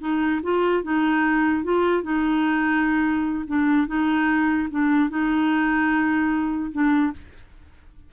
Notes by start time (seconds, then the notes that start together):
0.00 D#4
0.42 F4
0.83 D#4
1.63 F4
2.03 D#4
3.47 D4
3.87 D#4
4.70 D4
5.09 D#4
6.72 D4